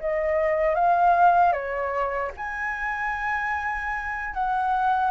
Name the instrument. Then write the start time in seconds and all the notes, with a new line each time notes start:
flute
0.00 D#5
0.75 F5
1.53 C#5
2.37 G#5
4.34 F#5